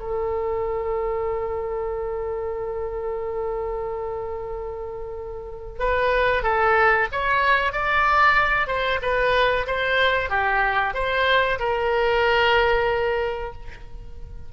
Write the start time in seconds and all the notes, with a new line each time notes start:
0.00 A4
5.80 B4
6.43 A4
7.13 C#5
7.73 D5
8.68 C5
9.02 B4
9.67 C5
10.30 G4
10.95 C5
11.60 A#4